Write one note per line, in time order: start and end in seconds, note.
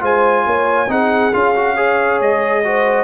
0.00 0.46 G#3
0.00 0.87 F4
0.00 0.45 C5
0.00 0.91 G#5
0.46 0.88 A#3
0.46 0.89 C#5
0.88 1.32 C4
0.88 1.32 D#4
0.88 1.75 G#4
0.88 1.34 F#5
1.33 2.21 C#4
1.33 1.55 F4
1.33 2.20 F5
1.55 1.76 F#4
1.75 2.63 G#4
1.75 2.62 C#5
2.21 3.04 G#3
2.21 3.04 D#5
2.64 3.04 F#4
2.64 3.04 C5